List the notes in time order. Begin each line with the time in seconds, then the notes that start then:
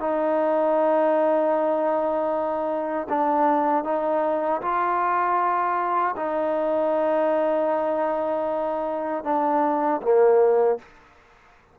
0.00 D#4
3.09 D4
3.84 D#4
4.62 F4
6.16 D#4
9.24 D4
10.02 A#3